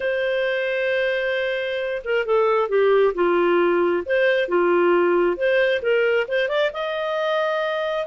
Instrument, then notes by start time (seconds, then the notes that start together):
clarinet
0.00 C5
2.04 A#4
2.25 A4
2.68 G4
3.14 F4
4.05 C5
4.48 F4
5.36 C5
5.82 A#4
6.28 C5
6.48 D5
6.73 D#5